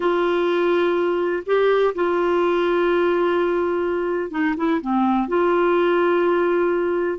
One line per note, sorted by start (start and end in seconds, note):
0.00 1.43 F4
1.46 1.94 G4
1.95 4.31 F4
4.31 4.55 D#4
4.56 4.80 E4
4.81 5.28 C4
5.28 7.19 F4